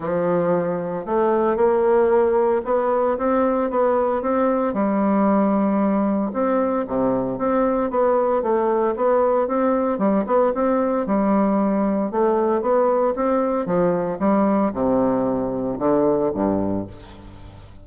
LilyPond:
\new Staff \with { instrumentName = "bassoon" } { \time 4/4 \tempo 4 = 114 f2 a4 ais4~ | ais4 b4 c'4 b4 | c'4 g2. | c'4 c4 c'4 b4 |
a4 b4 c'4 g8 b8 | c'4 g2 a4 | b4 c'4 f4 g4 | c2 d4 g,4 | }